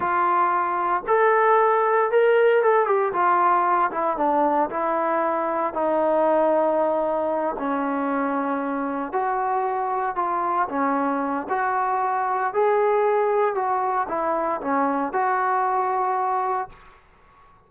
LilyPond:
\new Staff \with { instrumentName = "trombone" } { \time 4/4 \tempo 4 = 115 f'2 a'2 | ais'4 a'8 g'8 f'4. e'8 | d'4 e'2 dis'4~ | dis'2~ dis'8 cis'4.~ |
cis'4. fis'2 f'8~ | f'8 cis'4. fis'2 | gis'2 fis'4 e'4 | cis'4 fis'2. | }